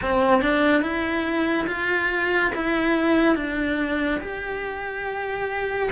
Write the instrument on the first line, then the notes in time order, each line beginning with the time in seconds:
cello
0.02 C4
0.41 D4
0.82 E4
1.67 F4
2.55 E4
3.35 D4
4.20 G4